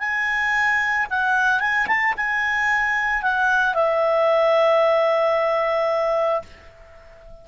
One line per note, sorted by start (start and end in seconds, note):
0.00 1.07 G#5
1.11 1.60 F#5
1.60 1.87 G#5
1.87 2.14 A5
2.17 3.22 G#5
3.22 3.75 F#5
3.75 6.42 E5